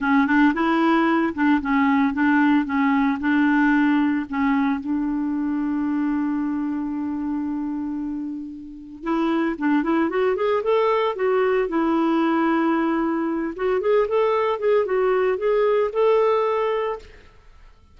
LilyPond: \new Staff \with { instrumentName = "clarinet" } { \time 4/4 \tempo 4 = 113 cis'8 d'8 e'4. d'8 cis'4 | d'4 cis'4 d'2 | cis'4 d'2.~ | d'1~ |
d'4 e'4 d'8 e'8 fis'8 gis'8 | a'4 fis'4 e'2~ | e'4. fis'8 gis'8 a'4 gis'8 | fis'4 gis'4 a'2 | }